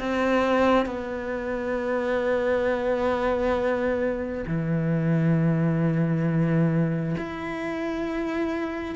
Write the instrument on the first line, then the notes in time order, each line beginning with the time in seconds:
cello
0.00 C4
0.86 B3
4.47 E3
7.18 E4